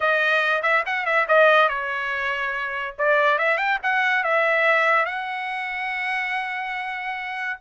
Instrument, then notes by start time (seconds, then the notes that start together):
trumpet
0.00 D#5
0.62 E5
0.86 F#5
1.05 E5
1.28 D#5
1.68 C#5
2.98 D5
3.38 E5
3.57 G5
3.82 F#5
4.23 E5
5.05 F#5